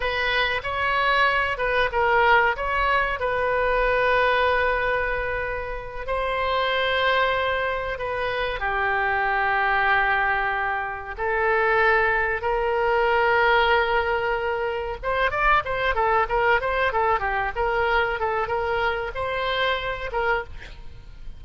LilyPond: \new Staff \with { instrumentName = "oboe" } { \time 4/4 \tempo 4 = 94 b'4 cis''4. b'8 ais'4 | cis''4 b'2.~ | b'4. c''2~ c''8~ | c''8 b'4 g'2~ g'8~ |
g'4. a'2 ais'8~ | ais'2.~ ais'8 c''8 | d''8 c''8 a'8 ais'8 c''8 a'8 g'8 ais'8~ | ais'8 a'8 ais'4 c''4. ais'8 | }